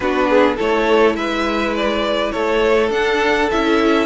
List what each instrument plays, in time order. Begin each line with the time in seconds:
0.00 cello B3, viola D4, violin F#4 B4
0.29 violin G#4
0.56 cello A3, viola E4, violin A4 C#5
1.15 cello G#3, violin B4 E5
1.76 violin D5
2.31 cello A3, violin A4 C#5
2.89 cello D4, viola D4, violin F#5
3.50 cello C#4, viola E4, violin E5